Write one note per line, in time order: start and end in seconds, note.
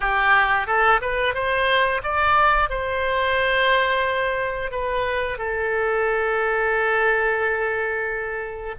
0.00 0.66 G4
0.66 1.00 A4
1.01 1.34 B4
1.34 2.01 C5
2.03 2.69 D5
2.69 4.71 C5
4.71 5.38 B4
5.38 8.75 A4